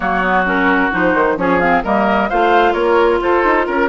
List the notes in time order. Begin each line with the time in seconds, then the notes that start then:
0.00 F#3 A#3 F#4 C#5
0.21 B3
0.45 C#4 A#4
0.91 F3 D#4 C5
1.14 D#3
1.37 F3 C#4 G#4 C#5
1.60 C4 F5
1.83 G3 A#3 A#4 D#5
2.29 A3 F4 C5 F5
2.73 A#3 A#4 C#5
3.20 F4 A4 C5
3.44 D#4
3.66 C#4 A#4